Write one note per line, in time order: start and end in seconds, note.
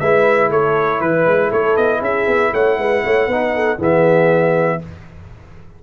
0.00 0.51 G#3
0.00 3.31 E4
0.00 0.50 B4
0.00 0.50 E5
0.50 1.01 A3
0.50 1.00 A4
0.50 1.01 C#5
1.01 1.26 E3
1.01 1.50 B4
1.01 1.52 B4
1.26 1.52 G#3
1.50 1.78 A3
1.50 2.00 A4
1.50 1.77 C#5
1.77 2.01 B3
1.77 2.02 D#5
2.01 2.27 C#4
2.01 2.53 G#4
2.01 2.54 E5
2.27 2.52 B3
2.53 2.79 A3
2.53 2.78 C#5
2.53 3.80 F#5
2.79 3.04 G#3
2.79 3.04 B4
3.05 3.28 A3
3.05 3.29 C#5
3.28 3.78 B3
3.28 3.79 D#4
3.28 3.54 B4
3.56 3.79 A4
3.79 4.80 E3
3.79 4.80 B3
3.79 4.80 G#4
3.79 4.84 E5